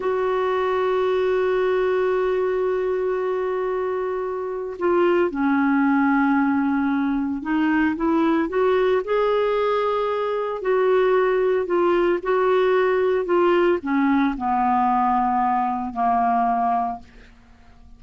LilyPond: \new Staff \with { instrumentName = "clarinet" } { \time 4/4 \tempo 4 = 113 fis'1~ | fis'1~ | fis'4 f'4 cis'2~ | cis'2 dis'4 e'4 |
fis'4 gis'2. | fis'2 f'4 fis'4~ | fis'4 f'4 cis'4 b4~ | b2 ais2 | }